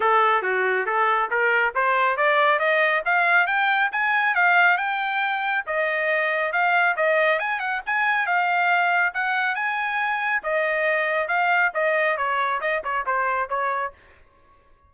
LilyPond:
\new Staff \with { instrumentName = "trumpet" } { \time 4/4 \tempo 4 = 138 a'4 fis'4 a'4 ais'4 | c''4 d''4 dis''4 f''4 | g''4 gis''4 f''4 g''4~ | g''4 dis''2 f''4 |
dis''4 gis''8 fis''8 gis''4 f''4~ | f''4 fis''4 gis''2 | dis''2 f''4 dis''4 | cis''4 dis''8 cis''8 c''4 cis''4 | }